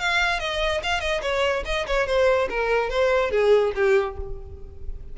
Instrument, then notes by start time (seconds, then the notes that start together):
violin
0.00 F5
0.40 D#5
0.84 F5
1.01 D#5
1.22 C#5
1.66 D#5
1.87 C#5
2.07 C5
2.50 A#4
2.90 C5
3.31 G#4
3.76 G4